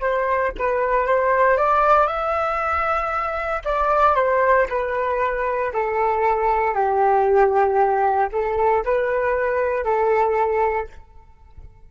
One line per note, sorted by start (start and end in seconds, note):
0.00 0.52 C5
0.58 1.06 B4
1.06 1.57 C5
1.57 2.07 D5
2.07 3.62 E5
3.64 4.15 D5
4.15 4.67 C5
4.69 5.72 B4
5.73 6.74 A4
6.74 8.29 G4
8.32 8.84 A4
8.84 9.84 B4
9.84 10.88 A4